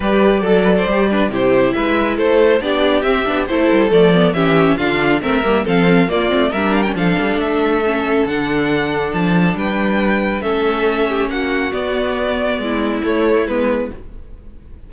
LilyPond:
<<
  \new Staff \with { instrumentName = "violin" } { \time 4/4 \tempo 4 = 138 d''2. c''4 | e''4 c''4 d''4 e''4 | c''4 d''4 e''4 f''4 | e''4 f''4 d''4 e''8 f''16 g''16 |
f''4 e''2 fis''4~ | fis''4 a''4 g''2 | e''2 fis''4 d''4~ | d''2 cis''4 b'4 | }
  \new Staff \with { instrumentName = "violin" } { \time 4/4 b'4 a'8 b'16 c''8. b'8 g'4 | b'4 a'4 g'2 | a'2 g'4 f'4 | ais'4 a'4 f'4 ais'4 |
a'1~ | a'2 b'2 | a'4. g'8 fis'2~ | fis'4 e'2. | }
  \new Staff \with { instrumentName = "viola" } { \time 4/4 g'4 a'4 g'8 d'8 e'4~ | e'2 d'4 c'8 d'8 | e'4 a8 b8 cis'4 d'4 | c'8 ais8 c'4 ais8 c'8 d'8. cis'16 |
d'2 cis'4 d'4~ | d'1 | cis'2. b4~ | b2 a4 b4 | }
  \new Staff \with { instrumentName = "cello" } { \time 4/4 g4 fis4 g4 c4 | gis4 a4 b4 c'8 b8 | a8 g8 f4 e4 d4 | a8 g8 f4 ais8 a8 g4 |
f8 g8 a2 d4~ | d4 f4 g2 | a2 ais4 b4~ | b4 gis4 a4 gis4 | }
>>